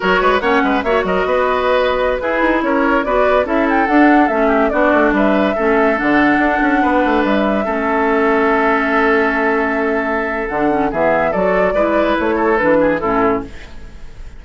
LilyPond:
<<
  \new Staff \with { instrumentName = "flute" } { \time 4/4 \tempo 4 = 143 cis''4 fis''4 e''8 dis''4.~ | dis''4~ dis''16 b'4 cis''4 d''8.~ | d''16 e''8 g''8 fis''4 e''4 d''8.~ | d''16 e''2 fis''4.~ fis''16~ |
fis''4~ fis''16 e''2~ e''8.~ | e''1~ | e''4 fis''4 e''4 d''4~ | d''4 cis''4 b'4 a'4 | }
  \new Staff \with { instrumentName = "oboe" } { \time 4/4 ais'8 b'8 cis''8 b'8 cis''8 ais'8 b'4~ | b'4~ b'16 gis'4 ais'4 b'8.~ | b'16 a'2~ a'8 g'8 fis'8.~ | fis'16 b'4 a'2~ a'8.~ |
a'16 b'2 a'4.~ a'16~ | a'1~ | a'2 gis'4 a'4 | b'4. a'4 gis'8 e'4 | }
  \new Staff \with { instrumentName = "clarinet" } { \time 4/4 fis'4 cis'4 fis'2~ | fis'4~ fis'16 e'2 fis'8.~ | fis'16 e'4 d'4 cis'4 d'8.~ | d'4~ d'16 cis'4 d'4.~ d'16~ |
d'2~ d'16 cis'4.~ cis'16~ | cis'1~ | cis'4 d'8 cis'8 b4 fis'4 | e'2 d'4 cis'4 | }
  \new Staff \with { instrumentName = "bassoon" } { \time 4/4 fis8 gis8 ais8 gis8 ais8 fis8 b4~ | b4~ b16 e'8 dis'8 cis'4 b8.~ | b16 cis'4 d'4 a4 b8 a16~ | a16 g4 a4 d4 d'8 cis'16~ |
cis'16 b8 a8 g4 a4.~ a16~ | a1~ | a4 d4 e4 fis4 | gis4 a4 e4 a,4 | }
>>